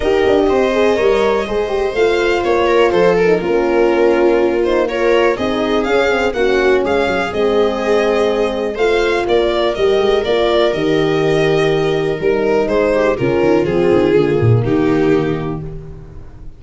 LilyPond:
<<
  \new Staff \with { instrumentName = "violin" } { \time 4/4 \tempo 4 = 123 dis''1 | f''4 cis''4 c''8 ais'4.~ | ais'4. c''8 cis''4 dis''4 | f''4 fis''4 f''4 dis''4~ |
dis''2 f''4 d''4 | dis''4 d''4 dis''2~ | dis''4 ais'4 c''4 ais'4 | gis'2 g'2 | }
  \new Staff \with { instrumentName = "viola" } { \time 4/4 ais'4 c''4 cis''4 c''4~ | c''4. ais'8 a'4 f'4~ | f'2 ais'4 gis'4~ | gis'4 fis'4 gis'2~ |
gis'2 c''4 ais'4~ | ais'1~ | ais'2 gis'8 g'8 f'4~ | f'2 dis'2 | }
  \new Staff \with { instrumentName = "horn" } { \time 4/4 g'4. gis'8 ais'4 gis'8 g'8 | f'2~ f'8. dis'16 cis'4~ | cis'4. dis'8 f'4 dis'4 | cis'8 c'8 cis'2 c'4~ |
c'2 f'2 | g'4 f'4 g'2~ | g'4 dis'2 cis'4 | c'4 ais2. | }
  \new Staff \with { instrumentName = "tuba" } { \time 4/4 dis'8 d'8 c'4 g4 gis4 | a4 ais4 f4 ais4~ | ais2. c'4 | cis'4 ais4 gis8 fis8 gis4~ |
gis2 a4 ais4 | g8 gis8 ais4 dis2~ | dis4 g4 gis4 cis8 dis8 | f8 dis8 d8 ais,8 dis2 | }
>>